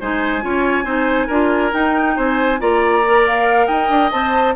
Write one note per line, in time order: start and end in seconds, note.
0.00 0.43 G#3
0.00 0.41 D#4
0.00 0.43 C5
0.00 1.73 G#5
0.41 0.84 C#4
0.41 0.85 F4
0.41 0.84 C#5
0.84 1.27 C4
0.84 1.28 D#4
0.84 1.27 C5
1.27 1.72 D4
1.27 1.71 F4
1.27 2.14 A#4
1.71 2.58 D#4
1.71 2.17 D#4
1.71 2.16 G5
2.16 2.60 C4
2.16 2.60 C5
2.16 2.60 G#5
2.59 3.68 A#3
2.59 3.02 F4
2.59 3.67 D5
2.59 3.25 A#5
3.06 4.12 A#4
3.26 3.67 F5
3.67 3.89 D#4
3.67 4.54 D#5
3.67 4.10 G5
3.89 4.11 D4
4.11 4.55 C4
4.11 4.55 C5
4.11 4.54 A5